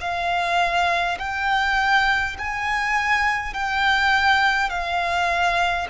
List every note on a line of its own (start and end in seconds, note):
0.00 1.18 F5
1.18 2.36 G5
2.38 3.53 G#5
3.53 4.69 G5
4.69 5.87 F5